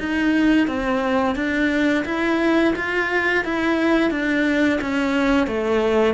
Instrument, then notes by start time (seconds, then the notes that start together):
cello
0.00 D#4
0.68 C4
1.36 D4
2.06 E4
2.76 F4
3.45 E4
4.11 D4
4.82 C#4
5.48 A3